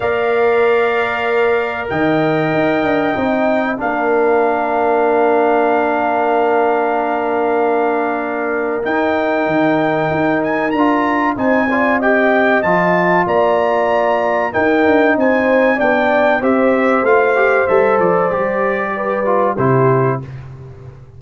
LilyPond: <<
  \new Staff \with { instrumentName = "trumpet" } { \time 4/4 \tempo 4 = 95 f''2. g''4~ | g''2 f''2~ | f''1~ | f''2 g''2~ |
g''8 gis''8 ais''4 gis''4 g''4 | a''4 ais''2 g''4 | gis''4 g''4 e''4 f''4 | e''8 d''2~ d''8 c''4 | }
  \new Staff \with { instrumentName = "horn" } { \time 4/4 d''2. dis''4~ | dis''2 ais'2~ | ais'1~ | ais'1~ |
ais'2 c''8 d''8 dis''4~ | dis''4 d''2 ais'4 | c''4 d''4 c''2~ | c''2 b'4 g'4 | }
  \new Staff \with { instrumentName = "trombone" } { \time 4/4 ais'1~ | ais'4 dis'4 d'2~ | d'1~ | d'2 dis'2~ |
dis'4 f'4 dis'8 f'8 g'4 | f'2. dis'4~ | dis'4 d'4 g'4 f'8 g'8 | a'4 g'4. f'8 e'4 | }
  \new Staff \with { instrumentName = "tuba" } { \time 4/4 ais2. dis4 | dis'8 d'8 c'4 ais2~ | ais1~ | ais2 dis'4 dis4 |
dis'4 d'4 c'2 | f4 ais2 dis'8 d'8 | c'4 b4 c'4 a4 | g8 f8 g2 c4 | }
>>